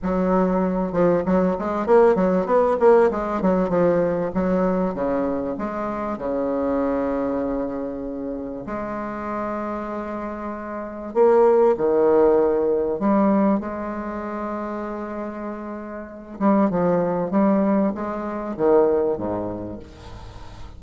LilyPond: \new Staff \with { instrumentName = "bassoon" } { \time 4/4 \tempo 4 = 97 fis4. f8 fis8 gis8 ais8 fis8 | b8 ais8 gis8 fis8 f4 fis4 | cis4 gis4 cis2~ | cis2 gis2~ |
gis2 ais4 dis4~ | dis4 g4 gis2~ | gis2~ gis8 g8 f4 | g4 gis4 dis4 gis,4 | }